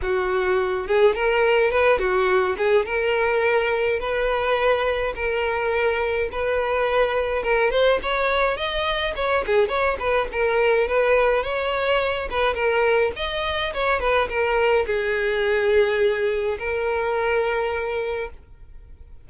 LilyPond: \new Staff \with { instrumentName = "violin" } { \time 4/4 \tempo 4 = 105 fis'4. gis'8 ais'4 b'8 fis'8~ | fis'8 gis'8 ais'2 b'4~ | b'4 ais'2 b'4~ | b'4 ais'8 c''8 cis''4 dis''4 |
cis''8 gis'8 cis''8 b'8 ais'4 b'4 | cis''4. b'8 ais'4 dis''4 | cis''8 b'8 ais'4 gis'2~ | gis'4 ais'2. | }